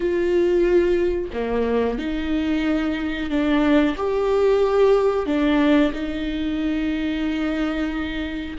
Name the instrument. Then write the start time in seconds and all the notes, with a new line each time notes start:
viola
0.00 F4
1.33 A#3
1.98 D#4
3.30 D4
3.96 G4
5.26 D4
5.93 D#4